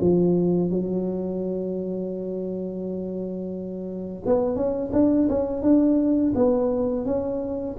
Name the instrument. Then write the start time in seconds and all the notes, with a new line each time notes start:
tuba
0.00 F3
0.70 F#3
4.25 B3
4.55 C#4
4.92 D4
5.28 C#4
5.62 D4
6.34 B3
7.05 C#4